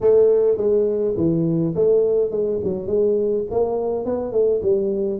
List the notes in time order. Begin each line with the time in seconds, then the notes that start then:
0.01 A3
0.57 G#3
1.16 E3
1.75 A3
2.30 G#3
2.64 F#3
2.86 G#3
3.50 A#3
4.05 B3
4.31 A3
4.62 G3